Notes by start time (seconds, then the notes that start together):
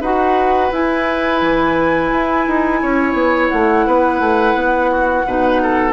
0.00 D#4 F#4 B4 F#5
0.71 E4 G#5
1.41 E3
2.11 E4
2.47 D#4
2.81 C#4 C#5
3.13 B3
3.48 A3 F#5
3.86 B3 B4
4.19 A3
4.54 B3
4.90 F#4
5.26 B2 D#4 B4
5.62 A4